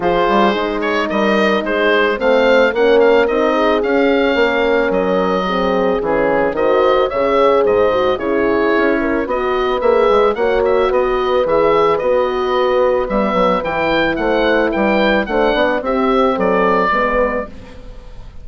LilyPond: <<
  \new Staff \with { instrumentName = "oboe" } { \time 4/4 \tempo 4 = 110 c''4. cis''8 dis''4 c''4 | f''4 fis''8 f''8 dis''4 f''4~ | f''4 dis''2 gis'4 | dis''4 e''4 dis''4 cis''4~ |
cis''4 dis''4 e''4 fis''8 e''8 | dis''4 e''4 dis''2 | e''4 g''4 fis''4 g''4 | fis''4 e''4 d''2 | }
  \new Staff \with { instrumentName = "horn" } { \time 4/4 gis'2 ais'4 gis'4 | c''4 ais'4. gis'4. | ais'2 gis'2 | c''4 cis''4 c''4 gis'4~ |
gis'8 ais'8 b'2 cis''4 | b'1~ | b'2 c''4 b'4 | c''8 d''8 g'4 a'4 b'4 | }
  \new Staff \with { instrumentName = "horn" } { \time 4/4 f'4 dis'2. | c'4 cis'4 dis'4 cis'4~ | cis'2 c'4 cis'4 | fis'4 gis'4. fis'8 e'4~ |
e'4 fis'4 gis'4 fis'4~ | fis'4 gis'4 fis'2 | b4 e'2. | d'4 c'2 b4 | }
  \new Staff \with { instrumentName = "bassoon" } { \time 4/4 f8 g8 gis4 g4 gis4 | a4 ais4 c'4 cis'4 | ais4 fis2 e4 | dis4 cis4 gis,4 cis4 |
cis'4 b4 ais8 gis8 ais4 | b4 e4 b2 | g8 fis8 e4 a4 g4 | a8 b8 c'4 fis4 gis4 | }
>>